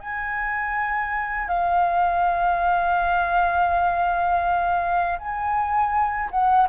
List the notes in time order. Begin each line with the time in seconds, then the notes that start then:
0.00 G#5
1.48 F5
5.19 G#5
6.31 F#5